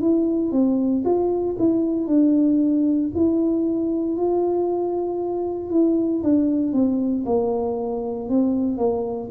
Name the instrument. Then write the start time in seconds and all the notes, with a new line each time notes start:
tuba
0.00 E4
0.52 C4
1.05 F4
1.59 E4
2.06 D4
3.15 E4
4.17 F4
5.70 E4
6.23 D4
6.72 C4
7.26 A#3
8.29 C4
8.77 A#3